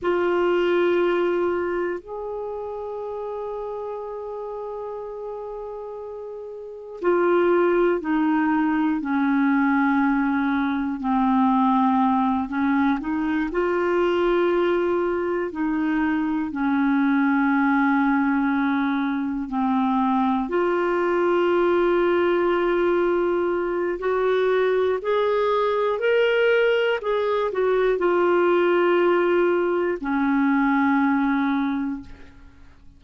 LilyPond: \new Staff \with { instrumentName = "clarinet" } { \time 4/4 \tempo 4 = 60 f'2 gis'2~ | gis'2. f'4 | dis'4 cis'2 c'4~ | c'8 cis'8 dis'8 f'2 dis'8~ |
dis'8 cis'2. c'8~ | c'8 f'2.~ f'8 | fis'4 gis'4 ais'4 gis'8 fis'8 | f'2 cis'2 | }